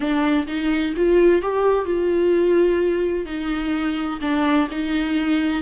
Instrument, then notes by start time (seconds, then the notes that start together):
viola
0.00 D4
0.47 D#4
0.96 F4
1.41 G4
1.85 F4
3.25 D#4
4.21 D4
4.70 D#4